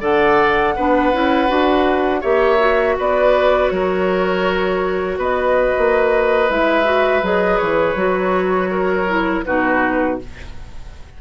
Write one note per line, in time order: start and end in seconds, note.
0.00 0.76 D3
0.00 0.74 A4
0.00 0.75 D5
0.00 2.23 F#5
0.76 1.13 B3
0.76 1.13 D4
0.76 2.21 B4
1.13 1.50 C#4
1.13 1.48 E4
1.48 2.24 D4
1.48 2.22 F#4
2.21 2.98 A#3
2.21 2.59 G4
2.21 2.95 C#5
2.21 2.97 E5
2.59 6.48 F#4
2.99 3.71 B3
2.99 3.73 B4
2.99 3.70 D5
3.70 5.18 F#3
3.70 5.19 A#4
3.70 5.18 C#5
5.18 5.73 B3
5.18 8.71 B4
5.18 6.51 D#5
5.78 6.50 A#3
6.50 7.23 G#3
6.50 6.84 E4
6.50 7.25 E5
6.84 7.21 F#4
7.23 7.60 F#3
7.23 7.96 G#4
7.23 7.58 D#5
7.58 7.95 E3
7.58 9.43 C#5
7.95 9.44 F#3
7.95 9.08 F#4
8.71 9.45 A#4
9.08 9.45 E4
9.45 10.21 B2
9.45 10.20 D#4
9.45 10.21 F#4
9.45 10.19 B4